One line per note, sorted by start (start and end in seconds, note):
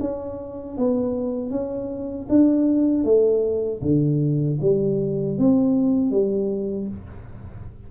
0.00 0.77 C#4
0.77 1.50 B3
1.50 2.27 C#4
2.29 3.04 D4
3.04 3.81 A3
3.81 4.58 D3
4.61 5.38 G3
5.38 6.10 C4
6.10 6.87 G3